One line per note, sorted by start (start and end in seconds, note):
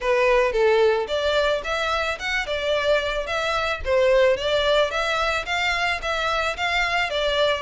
0.00 0.52 B4
0.52 1.06 A4
1.07 1.62 D5
1.64 2.18 E5
2.19 2.46 F#5
2.46 3.26 D5
3.26 3.81 E5
3.84 4.37 C5
4.37 4.90 D5
4.90 5.45 E5
5.45 6.00 F5
6.01 6.56 E5
6.56 7.09 F5
7.09 7.62 D5